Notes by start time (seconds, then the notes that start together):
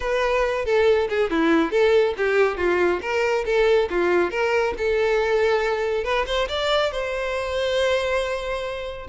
0.00 B4
0.65 A4
1.09 G#4
1.30 E4
1.71 A4
2.17 G4
2.57 F4
3.01 A#4
3.45 A4
3.90 F4
4.30 A#4
4.77 A4
6.04 B4
6.26 C5
6.48 D5
6.91 C5